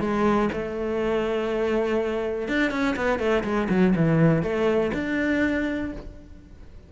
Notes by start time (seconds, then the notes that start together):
0.00 G#3
0.52 A3
2.48 D4
2.71 C#4
2.96 B3
3.19 A3
3.43 G#3
3.69 F#3
3.95 E3
4.42 A3
4.94 D4